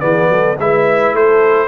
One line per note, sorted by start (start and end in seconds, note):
0.00 0.29 E3
0.00 0.56 B3
0.00 0.30 G#4
0.00 0.56 D5
0.29 0.57 F#3
0.29 0.59 A4
0.59 1.13 G#3
0.59 1.68 E4
0.59 1.16 B4
0.59 1.16 E5
1.13 1.68 A3
1.13 1.68 A4
1.13 1.68 C5